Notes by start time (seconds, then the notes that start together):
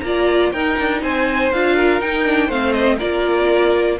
0.00 A#3 F4 A#5
0.06 D5
0.52 D#4 A#4 G5
0.79 D4
1.02 C4 C5 G#5
1.52 D4 F4 F5
1.75 A#4
2.01 D#4 G5
2.25 D4
2.47 A3 C4 C5 F5
2.73 D#5
2.98 A#3 F4 A#4 D5